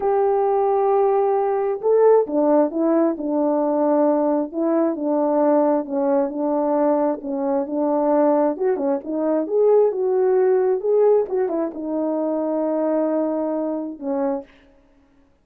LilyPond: \new Staff \with { instrumentName = "horn" } { \time 4/4 \tempo 4 = 133 g'1 | a'4 d'4 e'4 d'4~ | d'2 e'4 d'4~ | d'4 cis'4 d'2 |
cis'4 d'2 fis'8 cis'8 | dis'4 gis'4 fis'2 | gis'4 fis'8 e'8 dis'2~ | dis'2. cis'4 | }